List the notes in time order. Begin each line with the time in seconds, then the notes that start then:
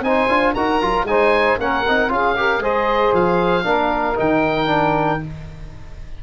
0.00 C4 D#4 C5 G#5
0.28 D4 F4
0.54 D#4 F#4 A#4 A#5
0.81 F#3 F4
1.04 G#3 D#4 C5 G#5
1.58 A#3 C#4 A#4 F#5
1.88 C4 D#4
2.08 C#4 F4 G#4 F5
2.36 G4 A#4
2.59 G#3 G#4 C5 D#5
3.13 F3 F5
3.63 A#3 D4 A#4
4.15 D#3 D#4 G5
4.66 D4